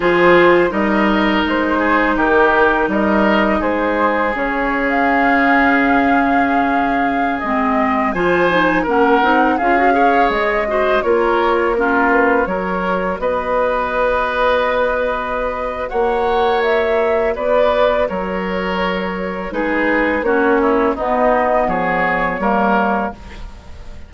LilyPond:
<<
  \new Staff \with { instrumentName = "flute" } { \time 4/4 \tempo 4 = 83 c''4 dis''4 c''4 ais'4 | dis''4 c''4 cis''8. f''4~ f''16~ | f''2~ f''16 dis''4 gis''8.~ | gis''16 fis''4 f''4 dis''4 cis''8.~ |
cis''16 ais'8 b'8 cis''4 dis''4.~ dis''16~ | dis''2 fis''4 e''4 | d''4 cis''2 b'4 | cis''4 dis''4 cis''2 | }
  \new Staff \with { instrumentName = "oboe" } { \time 4/4 gis'4 ais'4. gis'8 g'4 | ais'4 gis'2.~ | gis'2.~ gis'16 c''8.~ | c''16 ais'4 gis'8 cis''4 c''8 ais'8.~ |
ais'16 f'4 ais'4 b'4.~ b'16~ | b'2 cis''2 | b'4 ais'2 gis'4 | fis'8 e'8 dis'4 gis'4 ais'4 | }
  \new Staff \with { instrumentName = "clarinet" } { \time 4/4 f'4 dis'2.~ | dis'2 cis'2~ | cis'2~ cis'16 c'4 f'8 dis'16~ | dis'16 cis'8 dis'8 f'16 fis'16 gis'4 fis'8 f'8.~ |
f'16 cis'4 fis'2~ fis'8.~ | fis'1~ | fis'2. dis'4 | cis'4 b2 ais4 | }
  \new Staff \with { instrumentName = "bassoon" } { \time 4/4 f4 g4 gis4 dis4 | g4 gis4 cis2~ | cis2~ cis16 gis4 f8.~ | f16 ais8 c'8 cis'4 gis4 ais8.~ |
ais4~ ais16 fis4 b4.~ b16~ | b2 ais2 | b4 fis2 gis4 | ais4 b4 f4 g4 | }
>>